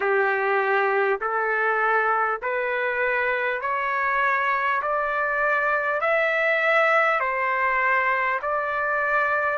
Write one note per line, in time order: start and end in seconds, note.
0.00 1.19 G4
1.21 2.41 A4
2.42 3.61 B4
3.61 4.81 C#5
4.82 6.00 D5
6.00 7.20 E5
7.20 8.40 C5
8.42 9.58 D5